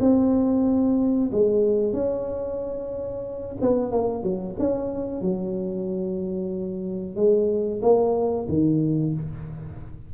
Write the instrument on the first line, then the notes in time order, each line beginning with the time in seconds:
tuba
0.00 C4
1.32 G#3
1.93 C#4
3.61 B3
3.91 A#3
4.23 F#3
4.59 C#4
5.21 F#3
7.16 G#3
7.82 A#3
8.48 D#3